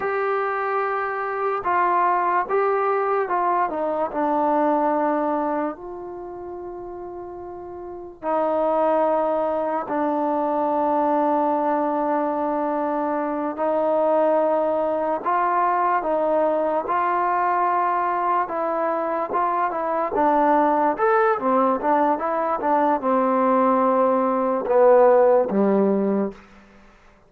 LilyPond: \new Staff \with { instrumentName = "trombone" } { \time 4/4 \tempo 4 = 73 g'2 f'4 g'4 | f'8 dis'8 d'2 f'4~ | f'2 dis'2 | d'1~ |
d'8 dis'2 f'4 dis'8~ | dis'8 f'2 e'4 f'8 | e'8 d'4 a'8 c'8 d'8 e'8 d'8 | c'2 b4 g4 | }